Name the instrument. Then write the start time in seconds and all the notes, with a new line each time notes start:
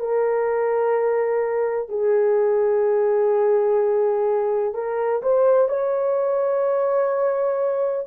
horn
0.00 A#4
1.89 G#4
4.74 A#4
5.23 C5
5.68 C#5